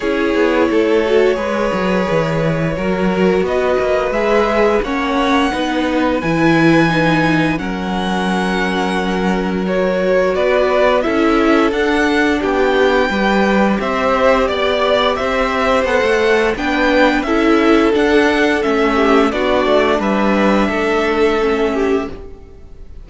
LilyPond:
<<
  \new Staff \with { instrumentName = "violin" } { \time 4/4 \tempo 4 = 87 cis''1~ | cis''4 dis''4 e''4 fis''4~ | fis''4 gis''2 fis''4~ | fis''2 cis''4 d''4 |
e''4 fis''4 g''2 | e''4 d''4 e''4 fis''4 | g''4 e''4 fis''4 e''4 | d''4 e''2. | }
  \new Staff \with { instrumentName = "violin" } { \time 4/4 gis'4 a'4 b'2 | ais'4 b'2 cis''4 | b'2. ais'4~ | ais'2. b'4 |
a'2 g'4 b'4 | c''4 d''4 c''2 | b'4 a'2~ a'8 g'8 | fis'4 b'4 a'4. g'8 | }
  \new Staff \with { instrumentName = "viola" } { \time 4/4 e'4. fis'8 gis'2 | fis'2 gis'4 cis'4 | dis'4 e'4 dis'4 cis'4~ | cis'2 fis'2 |
e'4 d'2 g'4~ | g'2. a'4 | d'4 e'4 d'4 cis'4 | d'2. cis'4 | }
  \new Staff \with { instrumentName = "cello" } { \time 4/4 cis'8 b8 a4 gis8 fis8 e4 | fis4 b8 ais8 gis4 ais4 | b4 e2 fis4~ | fis2. b4 |
cis'4 d'4 b4 g4 | c'4 b4 c'4 b16 a8. | b4 cis'4 d'4 a4 | b8 a8 g4 a2 | }
>>